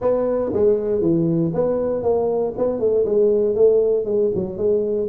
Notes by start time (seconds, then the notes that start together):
0.01 B3
0.53 G#3
1.01 E3
1.54 B3
2.02 A#3
2.57 B3
2.79 A3
3.05 G#3
3.55 A3
4.05 G#3
4.34 F#3
4.57 G#3